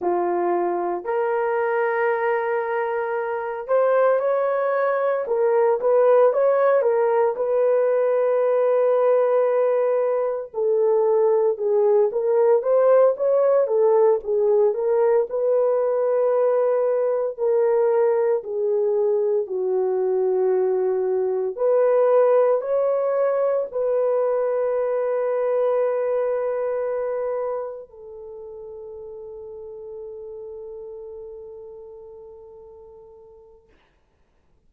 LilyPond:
\new Staff \with { instrumentName = "horn" } { \time 4/4 \tempo 4 = 57 f'4 ais'2~ ais'8 c''8 | cis''4 ais'8 b'8 cis''8 ais'8 b'4~ | b'2 a'4 gis'8 ais'8 | c''8 cis''8 a'8 gis'8 ais'8 b'4.~ |
b'8 ais'4 gis'4 fis'4.~ | fis'8 b'4 cis''4 b'4.~ | b'2~ b'8 a'4.~ | a'1 | }